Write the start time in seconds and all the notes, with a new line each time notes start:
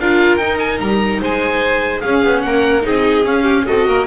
0.00 D4 F4 A#4 F5
0.37 D#4 G5
0.59 G#5
0.80 G3 A#5
1.20 G#3 C5 G#5
2.01 C#4 G#4 F5
2.24 B3
2.42 A#3 A#4 F#5
2.82 C4 D#4 G#4 D#5
3.25 C#4 F5
3.43 G4
3.66 C4 F#4 A4 D#5
3.88 A#3 A#4